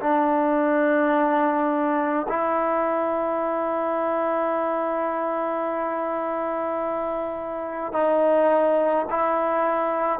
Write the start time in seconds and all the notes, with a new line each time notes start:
0.00 D4
2.28 E4
7.92 D#4
9.10 E4